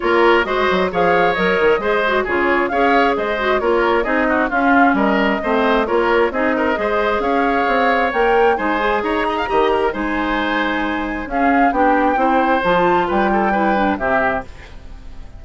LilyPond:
<<
  \new Staff \with { instrumentName = "flute" } { \time 4/4 \tempo 4 = 133 cis''4 dis''4 f''4 dis''4~ | dis''4 cis''4 f''4 dis''4 | cis''4 dis''4 f''4 dis''4~ | dis''4 cis''4 dis''2 |
f''2 g''4 gis''4 | ais''2 gis''2~ | gis''4 f''4 g''2 | a''4 g''2 e''4 | }
  \new Staff \with { instrumentName = "oboe" } { \time 4/4 ais'4 c''4 cis''2 | c''4 gis'4 cis''4 c''4 | ais'4 gis'8 fis'8 f'4 ais'4 | c''4 ais'4 gis'8 ais'8 c''4 |
cis''2. c''4 | cis''8 dis''16 f''16 dis''8 ais'8 c''2~ | c''4 gis'4 g'4 c''4~ | c''4 b'8 a'8 b'4 g'4 | }
  \new Staff \with { instrumentName = "clarinet" } { \time 4/4 f'4 fis'4 gis'4 ais'4 | gis'8 fis'8 f'4 gis'4. fis'8 | f'4 dis'4 cis'2 | c'4 f'4 dis'4 gis'4~ |
gis'2 ais'4 dis'8 gis'8~ | gis'4 g'4 dis'2~ | dis'4 cis'4 d'4 e'4 | f'2 e'8 d'8 c'4 | }
  \new Staff \with { instrumentName = "bassoon" } { \time 4/4 ais4 gis8 fis8 f4 fis8 dis8 | gis4 cis4 cis'4 gis4 | ais4 c'4 cis'4 g4 | a4 ais4 c'4 gis4 |
cis'4 c'4 ais4 gis4 | dis'4 dis4 gis2~ | gis4 cis'4 b4 c'4 | f4 g2 c4 | }
>>